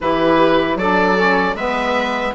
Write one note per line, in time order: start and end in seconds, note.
0.00 0.75 E3
0.00 0.78 E4
0.00 0.78 G4
0.00 0.78 B4
0.75 1.53 F#3
0.75 1.16 D4
0.75 1.55 A4
0.75 1.56 D5
1.16 1.55 C#4
1.54 2.32 G#3
1.54 2.34 B3
1.54 2.33 B4
1.54 2.33 E5